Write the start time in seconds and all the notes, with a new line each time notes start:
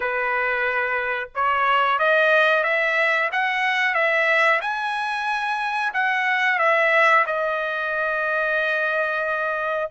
0.00 B4
1.34 C#5
1.98 D#5
2.63 E5
3.32 F#5
3.94 E5
4.61 G#5
5.93 F#5
6.58 E5
7.26 D#5